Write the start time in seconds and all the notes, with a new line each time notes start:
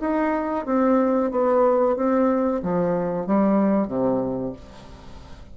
0.00 D#4
0.65 C4
1.30 B3
1.96 C4
2.62 F3
3.26 G3
3.87 C3